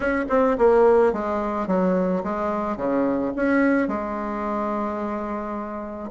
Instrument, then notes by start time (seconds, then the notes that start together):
bassoon
0.00 C#4
0.29 C4
0.58 A#3
1.12 G#3
1.67 F#3
2.23 G#3
2.77 C#3
3.36 C#4
3.88 G#3